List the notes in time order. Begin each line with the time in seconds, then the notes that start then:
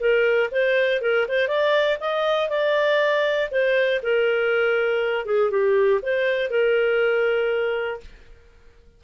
0.00 A#4
0.52 C5
1.02 A#4
1.28 C5
1.48 D5
2.00 D#5
2.50 D5
3.51 C5
4.03 A#4
5.26 G#4
5.51 G4
6.02 C5
6.50 A#4